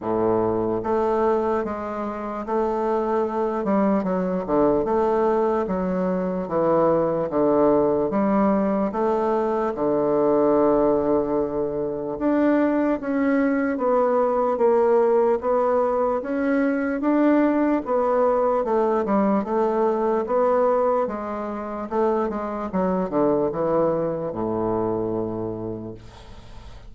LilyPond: \new Staff \with { instrumentName = "bassoon" } { \time 4/4 \tempo 4 = 74 a,4 a4 gis4 a4~ | a8 g8 fis8 d8 a4 fis4 | e4 d4 g4 a4 | d2. d'4 |
cis'4 b4 ais4 b4 | cis'4 d'4 b4 a8 g8 | a4 b4 gis4 a8 gis8 | fis8 d8 e4 a,2 | }